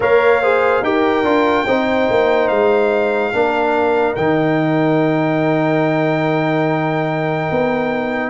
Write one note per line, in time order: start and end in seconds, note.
0.00 0.81 A#3
0.00 0.42 A#4
0.00 0.42 C#5
0.00 0.84 F5
0.42 0.83 G#4
0.42 0.83 C5
0.81 1.23 D#4
0.81 1.24 G4
0.81 1.66 A#4
0.81 2.48 G5
1.23 1.65 D4
1.23 1.66 F4
1.66 2.09 C4
1.66 3.33 D#4
1.66 3.32 C5
2.10 2.50 A#3
2.48 3.33 G#3
2.48 4.14 F5
3.33 4.16 A#3
3.33 4.16 D4
3.33 8.30 A#4
4.15 7.50 D#3
4.15 8.30 D#4
4.15 8.30 G5
7.51 8.30 B3